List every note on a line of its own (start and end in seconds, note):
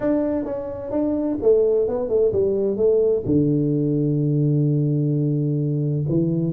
0.00 0.44 D4
0.44 0.91 C#4
0.91 1.37 D4
1.42 1.88 A3
1.88 2.08 B3
2.08 2.32 A3
2.32 2.77 G3
2.77 3.23 A3
3.25 6.04 D3
6.08 6.53 E3